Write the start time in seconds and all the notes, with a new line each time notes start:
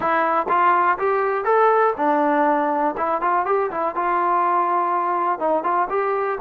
0.00 E4
0.48 F4
0.98 G4
1.44 A4
1.96 D4
2.97 E4
3.21 F4
3.45 G4
3.70 E4
3.95 F4
5.39 D#4
5.63 F4
5.89 G4